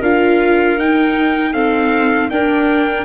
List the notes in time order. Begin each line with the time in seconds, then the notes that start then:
0.00 D4 F4 A#4 F5
0.78 D#4 G5
1.53 C4 A4 F5
2.30 D4 A#4 G5